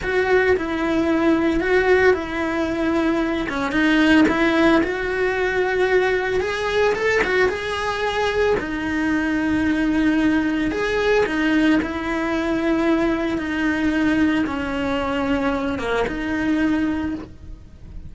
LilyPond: \new Staff \with { instrumentName = "cello" } { \time 4/4 \tempo 4 = 112 fis'4 e'2 fis'4 | e'2~ e'8 cis'8 dis'4 | e'4 fis'2. | gis'4 a'8 fis'8 gis'2 |
dis'1 | gis'4 dis'4 e'2~ | e'4 dis'2 cis'4~ | cis'4. ais8 dis'2 | }